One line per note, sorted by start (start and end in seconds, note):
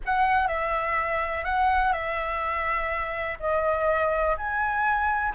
0.05 0.47 F#5
0.47 1.44 E5
1.44 1.92 F#5
1.92 3.38 E5
3.39 4.36 D#5
4.37 5.34 G#5